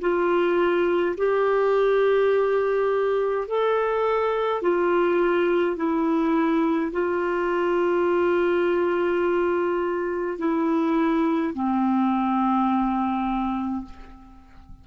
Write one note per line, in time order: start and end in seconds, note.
0.00 1.15 F4
1.17 3.47 G4
3.47 4.62 A4
4.62 5.76 F4
5.76 6.92 E4
6.92 10.38 F4
10.38 11.54 E4
11.54 13.85 C4